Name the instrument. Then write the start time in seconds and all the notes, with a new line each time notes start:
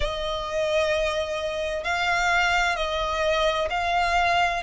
violin
0.00 D#5
1.83 F5
2.76 D#5
3.70 F5